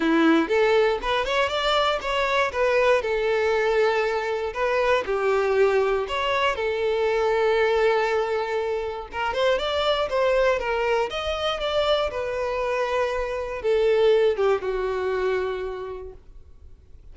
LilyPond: \new Staff \with { instrumentName = "violin" } { \time 4/4 \tempo 4 = 119 e'4 a'4 b'8 cis''8 d''4 | cis''4 b'4 a'2~ | a'4 b'4 g'2 | cis''4 a'2.~ |
a'2 ais'8 c''8 d''4 | c''4 ais'4 dis''4 d''4 | b'2. a'4~ | a'8 g'8 fis'2. | }